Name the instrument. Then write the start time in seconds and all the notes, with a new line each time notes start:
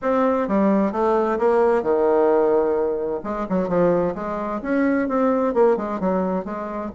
bassoon
0.01 C4
0.48 G3
0.92 A3
1.38 A#3
1.82 D#3
3.23 G#3
3.49 F#3
3.68 F3
4.14 G#3
4.62 C#4
5.08 C4
5.53 A#3
5.77 G#3
6.00 F#3
6.44 G#3